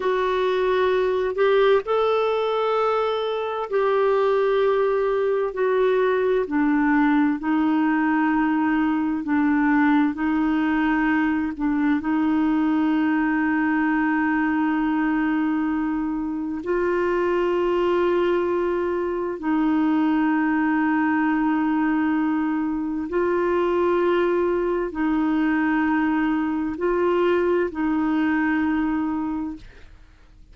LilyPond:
\new Staff \with { instrumentName = "clarinet" } { \time 4/4 \tempo 4 = 65 fis'4. g'8 a'2 | g'2 fis'4 d'4 | dis'2 d'4 dis'4~ | dis'8 d'8 dis'2.~ |
dis'2 f'2~ | f'4 dis'2.~ | dis'4 f'2 dis'4~ | dis'4 f'4 dis'2 | }